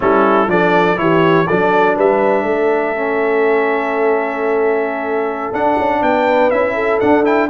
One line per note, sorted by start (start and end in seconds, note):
0.00 0.47 G3
0.00 0.48 C#4
0.00 0.50 E4
0.00 0.50 A4
0.47 0.97 F3
0.47 0.96 D4
0.47 0.99 A4
0.47 0.98 D5
0.96 1.47 E3
0.96 1.45 E4
0.96 1.46 G4
0.96 1.47 C#5
1.46 1.97 F#3
1.46 2.95 D4
1.46 1.95 A4
1.46 1.96 D5
1.96 2.44 G3
1.96 2.42 B4
1.96 5.53 E5
2.42 5.51 A3
2.42 5.99 A4
2.95 5.53 C#4
5.52 5.76 D4
5.52 6.52 D4
5.52 6.02 F#5
5.77 6.01 C#4
6.01 6.50 B3
6.01 6.74 B4
6.01 6.50 G5
6.50 7.00 C#4
6.50 7.01 E4
6.50 6.99 E5
6.74 7.48 A4
7.00 7.24 D4
7.00 7.49 D4
7.00 7.24 F#5
7.24 7.48 E4
7.24 7.49 G5